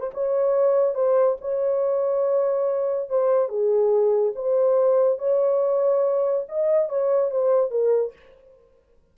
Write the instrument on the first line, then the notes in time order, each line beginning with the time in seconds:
horn
0.00 C5
0.14 C#5
0.94 C5
1.41 C#5
3.09 C5
3.49 G#4
4.35 C5
5.19 C#5
6.49 D#5
6.89 C#5
7.31 C5
7.70 A#4